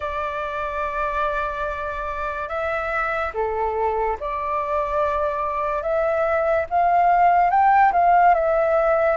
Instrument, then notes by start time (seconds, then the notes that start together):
flute
0.00 D5
2.48 E5
3.33 A4
4.20 D5
5.82 E5
6.70 F5
7.50 G5
7.92 F5
8.34 E5